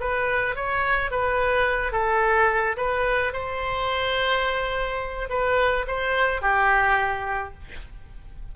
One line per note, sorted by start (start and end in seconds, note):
0.00 0.56 B4
0.56 1.11 C#5
1.11 1.92 B4
1.92 2.76 A4
2.77 3.33 B4
3.33 5.29 C5
5.30 5.86 B4
5.87 6.41 C5
6.41 7.53 G4